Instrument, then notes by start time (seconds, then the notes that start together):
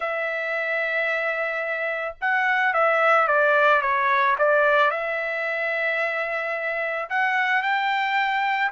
trumpet
0.00 E5
2.21 F#5
2.73 E5
3.27 D5
3.81 C#5
4.38 D5
4.91 E5
7.09 F#5
7.62 G5